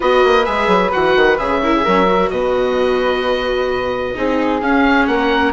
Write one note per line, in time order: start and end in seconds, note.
0.00 0.24 B3
0.00 0.43 F#4
0.00 1.61 B4
0.00 0.45 D#5
0.24 0.47 A#3
0.45 0.67 G#3
0.45 0.91 G#4
0.45 0.91 E5
0.67 0.90 F#3
0.91 1.15 E3
0.91 1.37 F#4
0.91 1.37 F#5
1.15 1.38 D#3
1.37 1.85 C#3
1.37 1.61 G#4
1.37 2.30 E5
1.62 1.85 E4
1.62 1.74 A#4
1.76 1.83 G#4
1.83 2.29 F#3
1.83 2.06 C#4
1.83 2.30 A#4
2.06 4.14 F#4
2.29 4.14 B2
2.29 4.16 B4
2.29 4.60 D#5
4.14 4.61 C4
4.14 4.60 D#4
4.14 5.08 G#4
4.61 5.07 C#4
4.61 5.53 C#4
4.61 5.06 F5
5.06 5.53 A#3
5.06 5.53 A#4
5.06 5.52 F#5